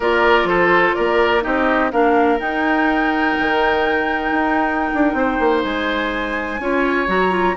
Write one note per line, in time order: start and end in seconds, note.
0.00 0.44 A#3
0.00 1.41 F4
0.00 0.48 A#4
0.00 0.47 D5
0.44 0.92 F3
0.44 0.95 A4
0.44 0.94 C5
0.94 1.45 A#3
0.94 1.43 A#4
0.94 1.42 D5
1.41 1.92 C4
1.41 1.89 D#4
1.41 1.91 G4
1.41 1.91 D#5
1.91 2.39 A#3
1.91 2.39 D4
1.91 5.16 A#4
1.91 2.39 F5
2.39 6.58 D#4
2.39 3.35 D#4
2.39 5.63 G5
3.38 4.30 D#3
4.30 4.90 D#4
4.94 5.13 D4
5.13 5.37 C4
5.13 6.61 C5
5.39 5.63 A#3
5.63 6.59 G#3
5.63 7.07 G#5
6.59 7.07 C#4
6.59 7.07 F4
6.59 7.56 C#5
7.07 7.55 F#3
7.07 7.30 F#4
7.07 7.56 A#5
7.30 7.54 F4